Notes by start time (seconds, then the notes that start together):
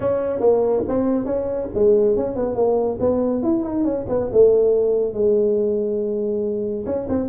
0.00 C#4
0.40 A#3
0.87 C4
1.25 C#4
1.74 G#3
2.16 C#4
2.35 B3
2.55 A#3
2.99 B3
3.42 E4
3.63 D#4
3.84 C#4
4.09 B3
4.32 A3
5.13 G#3
6.86 C#4
7.08 C4